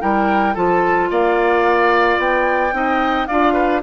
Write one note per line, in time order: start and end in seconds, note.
0.00 0.56 G3
0.00 0.55 E4
0.00 0.54 A#4
0.00 0.55 G5
0.54 1.10 F3
0.54 2.72 F4
0.54 1.08 A4
0.54 1.10 A5
1.10 2.18 A#3
1.10 2.74 D5
1.10 2.20 F5
2.18 2.72 B3
2.18 3.26 G5
2.72 3.27 C4
2.72 3.26 D#4
2.72 3.28 D#5
3.26 3.83 D4
3.26 3.83 F4
3.26 3.53 D5
3.26 3.81 F5
3.53 3.80 B4